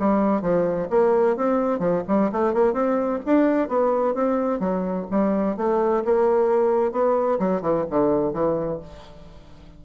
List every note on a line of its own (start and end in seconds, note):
0.00 0.42 G3
0.42 0.88 F3
0.90 1.37 A#3
1.37 1.79 C4
1.79 2.03 F3
2.08 2.31 G3
2.32 2.54 A3
2.54 2.73 A#3
2.73 3.20 C4
3.26 3.69 D4
3.69 4.15 B3
4.15 4.60 C4
4.60 5.06 F#3
5.11 5.57 G3
5.57 6.04 A3
6.05 6.92 A#3
6.92 7.39 B3
7.40 7.62 F#3
7.62 7.85 E3
7.90 8.33 D3
8.33 8.80 E3